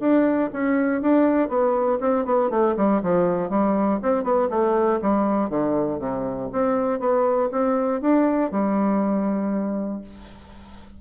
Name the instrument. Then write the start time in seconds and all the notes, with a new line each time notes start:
bassoon
0.00 D4
0.53 C#4
1.02 D4
1.49 B3
2.00 C4
2.25 B3
2.50 A3
2.77 G3
3.02 F3
3.50 G3
4.02 C4
4.24 B3
4.50 A3
5.02 G3
5.50 D3
5.99 C3
6.53 C4
7.00 B3
7.52 C4
8.01 D4
8.51 G3